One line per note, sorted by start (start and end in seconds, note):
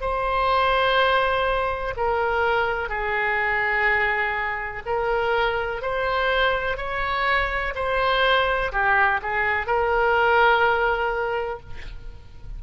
0.00 1.94 C5
1.96 2.89 A#4
2.89 4.82 G#4
4.85 5.82 A#4
5.82 6.77 C5
6.77 7.73 C#5
7.75 8.71 C5
8.71 9.20 G4
9.22 9.66 G#4
9.66 11.60 A#4